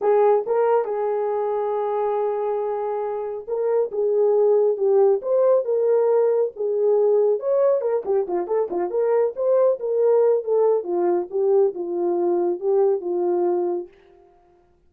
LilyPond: \new Staff \with { instrumentName = "horn" } { \time 4/4 \tempo 4 = 138 gis'4 ais'4 gis'2~ | gis'1 | ais'4 gis'2 g'4 | c''4 ais'2 gis'4~ |
gis'4 cis''4 ais'8 g'8 f'8 a'8 | f'8 ais'4 c''4 ais'4. | a'4 f'4 g'4 f'4~ | f'4 g'4 f'2 | }